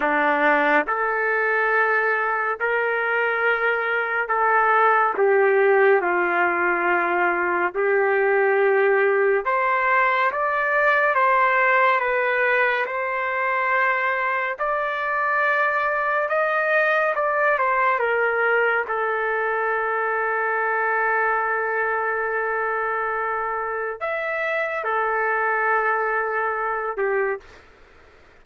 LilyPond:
\new Staff \with { instrumentName = "trumpet" } { \time 4/4 \tempo 4 = 70 d'4 a'2 ais'4~ | ais'4 a'4 g'4 f'4~ | f'4 g'2 c''4 | d''4 c''4 b'4 c''4~ |
c''4 d''2 dis''4 | d''8 c''8 ais'4 a'2~ | a'1 | e''4 a'2~ a'8 g'8 | }